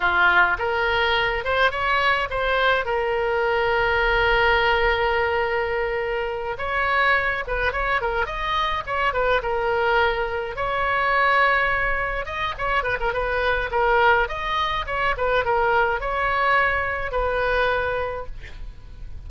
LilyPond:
\new Staff \with { instrumentName = "oboe" } { \time 4/4 \tempo 4 = 105 f'4 ais'4. c''8 cis''4 | c''4 ais'2.~ | ais'2.~ ais'8 cis''8~ | cis''4 b'8 cis''8 ais'8 dis''4 cis''8 |
b'8 ais'2 cis''4.~ | cis''4. dis''8 cis''8 b'16 ais'16 b'4 | ais'4 dis''4 cis''8 b'8 ais'4 | cis''2 b'2 | }